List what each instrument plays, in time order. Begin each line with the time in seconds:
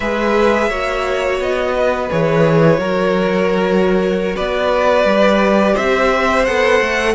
0.00 cello G#3, viola G#4, violin B4 E5
0.69 cello A#3, viola F#4, violin C#5
1.39 cello B3, violin D#5
1.76 violin B4
2.10 cello E3, viola G#4, violin C#5
2.77 cello F#3, viola F#4, violin A#4
4.35 cello B3, violin B4 D5
5.04 cello G3, viola G4
5.74 cello C4, violin C5 E5
6.44 cello B3, viola A4, violin F#5
6.80 cello A3